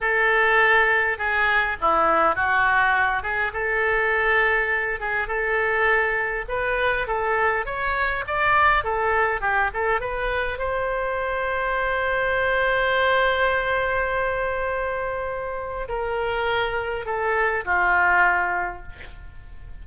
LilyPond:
\new Staff \with { instrumentName = "oboe" } { \time 4/4 \tempo 4 = 102 a'2 gis'4 e'4 | fis'4. gis'8 a'2~ | a'8 gis'8 a'2 b'4 | a'4 cis''4 d''4 a'4 |
g'8 a'8 b'4 c''2~ | c''1~ | c''2. ais'4~ | ais'4 a'4 f'2 | }